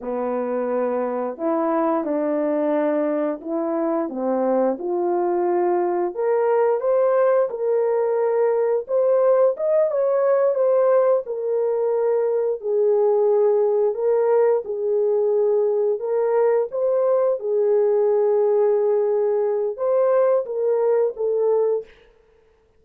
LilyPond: \new Staff \with { instrumentName = "horn" } { \time 4/4 \tempo 4 = 88 b2 e'4 d'4~ | d'4 e'4 c'4 f'4~ | f'4 ais'4 c''4 ais'4~ | ais'4 c''4 dis''8 cis''4 c''8~ |
c''8 ais'2 gis'4.~ | gis'8 ais'4 gis'2 ais'8~ | ais'8 c''4 gis'2~ gis'8~ | gis'4 c''4 ais'4 a'4 | }